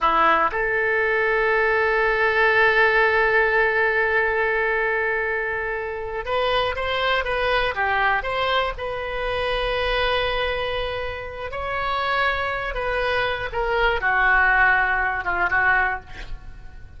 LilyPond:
\new Staff \with { instrumentName = "oboe" } { \time 4/4 \tempo 4 = 120 e'4 a'2.~ | a'1~ | a'1~ | a'8 b'4 c''4 b'4 g'8~ |
g'8 c''4 b'2~ b'8~ | b'2. cis''4~ | cis''4. b'4. ais'4 | fis'2~ fis'8 f'8 fis'4 | }